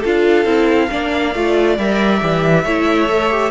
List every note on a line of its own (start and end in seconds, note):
0.00 0.45 D4
0.00 0.46 F4
0.00 0.87 A4
0.00 1.78 F5
0.45 0.88 C4
0.45 0.89 E4
0.90 1.35 A#3
0.90 1.33 D4
0.90 2.64 D5
1.35 1.78 A3
1.35 1.78 F4
1.78 2.21 G3
1.78 2.20 A#4
1.78 3.51 E5
2.20 2.65 E3
2.20 2.63 G4
2.64 3.51 A3
2.64 3.09 E4
2.64 3.51 C#5
3.09 3.30 A4
3.30 3.51 G4